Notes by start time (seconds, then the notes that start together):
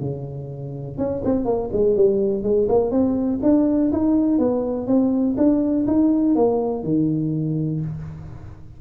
0.00 C#3
0.98 C#4
1.25 C4
1.45 A#3
1.73 G#3
1.96 G3
2.43 G#3
2.69 A#3
2.91 C4
3.43 D4
3.92 D#4
4.38 B3
4.87 C4
5.37 D4
5.87 D#4
6.35 A#3
6.83 D#3